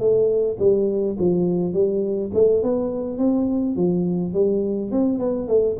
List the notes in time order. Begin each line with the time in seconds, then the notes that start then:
0.00 A3
0.59 G3
1.19 F3
1.74 G3
2.34 A3
2.63 B3
3.18 C4
3.76 F3
4.34 G3
4.92 C4
5.19 B3
5.48 A3